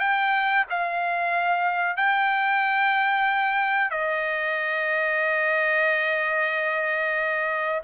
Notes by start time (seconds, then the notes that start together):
0.00 G5
0.70 F5
1.97 G5
3.91 D#5